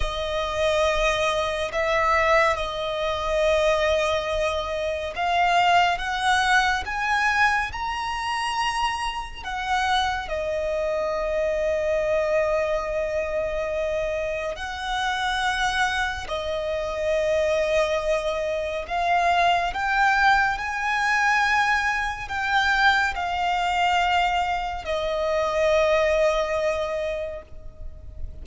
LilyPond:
\new Staff \with { instrumentName = "violin" } { \time 4/4 \tempo 4 = 70 dis''2 e''4 dis''4~ | dis''2 f''4 fis''4 | gis''4 ais''2 fis''4 | dis''1~ |
dis''4 fis''2 dis''4~ | dis''2 f''4 g''4 | gis''2 g''4 f''4~ | f''4 dis''2. | }